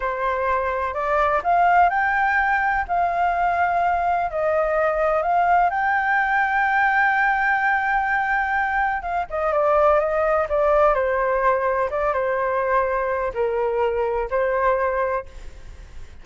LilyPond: \new Staff \with { instrumentName = "flute" } { \time 4/4 \tempo 4 = 126 c''2 d''4 f''4 | g''2 f''2~ | f''4 dis''2 f''4 | g''1~ |
g''2. f''8 dis''8 | d''4 dis''4 d''4 c''4~ | c''4 d''8 c''2~ c''8 | ais'2 c''2 | }